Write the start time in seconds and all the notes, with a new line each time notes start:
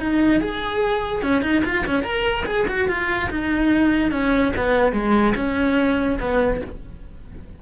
0.00 D#4
0.41 G#4
1.23 C#4
1.42 D#4
1.65 F4
1.87 C#4
2.04 A#4
2.46 G#4
2.68 F#4
2.89 F4
3.30 D#4
4.12 C#4
4.57 B3
4.93 G#3
5.36 C#4
6.20 B3